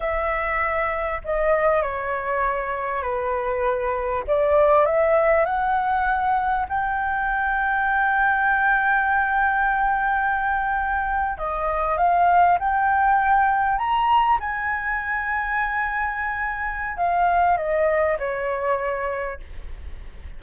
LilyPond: \new Staff \with { instrumentName = "flute" } { \time 4/4 \tempo 4 = 99 e''2 dis''4 cis''4~ | cis''4 b'2 d''4 | e''4 fis''2 g''4~ | g''1~ |
g''2~ g''8. dis''4 f''16~ | f''8. g''2 ais''4 gis''16~ | gis''1 | f''4 dis''4 cis''2 | }